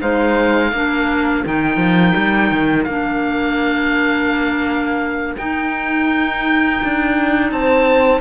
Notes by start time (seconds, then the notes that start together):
0.00 G#3 D#4 C5 F5
0.72 A#3 D4 A#4
1.45 D#3 D#4 G5
1.77 F3
2.16 G3
2.51 D#3
2.84 A#3 D4 F5
5.38 D#4 G5
6.84 D4
7.51 C4 C5 A5